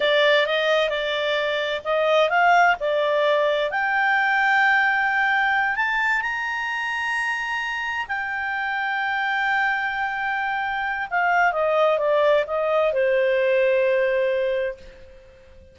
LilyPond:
\new Staff \with { instrumentName = "clarinet" } { \time 4/4 \tempo 4 = 130 d''4 dis''4 d''2 | dis''4 f''4 d''2 | g''1~ | g''8 a''4 ais''2~ ais''8~ |
ais''4. g''2~ g''8~ | g''1 | f''4 dis''4 d''4 dis''4 | c''1 | }